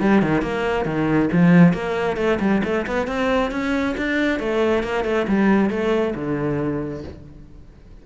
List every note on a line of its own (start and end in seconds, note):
0.00 0.22 G3
0.22 0.42 D#3
0.42 0.85 A#3
0.85 1.29 D#3
1.33 1.73 F3
1.73 2.17 A#3
2.17 2.39 A3
2.40 2.62 G3
2.64 2.86 A3
2.87 3.07 B3
3.07 3.51 C4
3.51 3.95 C#4
3.97 4.40 D4
4.40 4.83 A3
4.83 5.04 A#3
5.04 5.26 A3
5.28 5.70 G3
5.70 6.14 A3
6.15 7.04 D3